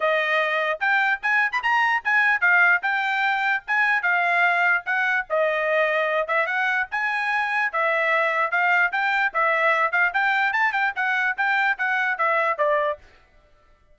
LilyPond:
\new Staff \with { instrumentName = "trumpet" } { \time 4/4 \tempo 4 = 148 dis''2 g''4 gis''8. b''16 | ais''4 gis''4 f''4 g''4~ | g''4 gis''4 f''2 | fis''4 dis''2~ dis''8 e''8 |
fis''4 gis''2 e''4~ | e''4 f''4 g''4 e''4~ | e''8 f''8 g''4 a''8 g''8 fis''4 | g''4 fis''4 e''4 d''4 | }